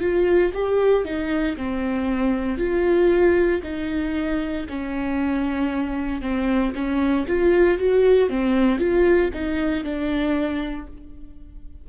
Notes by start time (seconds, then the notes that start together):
0.00 F4
0.54 G4
1.04 D#4
1.57 C4
2.58 F4
3.63 D#4
4.69 C#4
6.21 C4
6.75 C#4
7.27 F4
7.78 F#4
8.29 C4
8.78 F4
9.33 D#4
9.84 D4